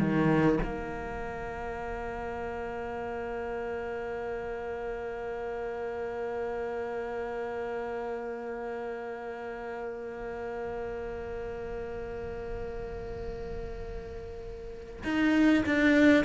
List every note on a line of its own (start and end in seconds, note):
0.00 0.60 D#3
0.63 15.03 A#3
15.04 15.64 D#4
15.67 16.25 D4